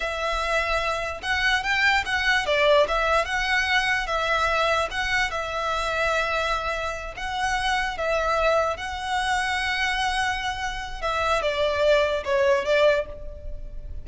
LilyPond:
\new Staff \with { instrumentName = "violin" } { \time 4/4 \tempo 4 = 147 e''2. fis''4 | g''4 fis''4 d''4 e''4 | fis''2 e''2 | fis''4 e''2.~ |
e''4. fis''2 e''8~ | e''4. fis''2~ fis''8~ | fis''2. e''4 | d''2 cis''4 d''4 | }